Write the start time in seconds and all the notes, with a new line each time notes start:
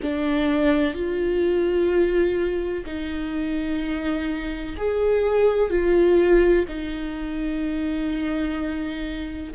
0.02 D4
0.94 F4
2.85 D#4
4.77 G#4
5.70 F4
6.68 D#4